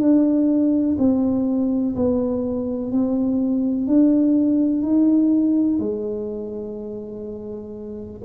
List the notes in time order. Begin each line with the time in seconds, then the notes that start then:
0.00 D4
0.99 C4
1.96 B3
2.92 C4
3.88 D4
4.83 D#4
5.79 G#3